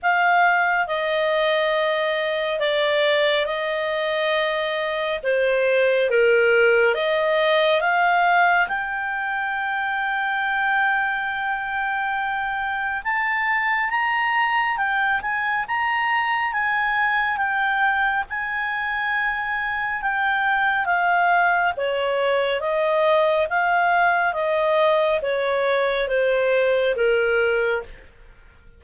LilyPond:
\new Staff \with { instrumentName = "clarinet" } { \time 4/4 \tempo 4 = 69 f''4 dis''2 d''4 | dis''2 c''4 ais'4 | dis''4 f''4 g''2~ | g''2. a''4 |
ais''4 g''8 gis''8 ais''4 gis''4 | g''4 gis''2 g''4 | f''4 cis''4 dis''4 f''4 | dis''4 cis''4 c''4 ais'4 | }